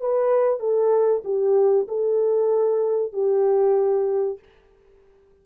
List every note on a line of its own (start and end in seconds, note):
0.00 0.59 B4
0.59 1.23 A4
1.24 1.87 G4
1.88 3.12 A4
3.12 4.39 G4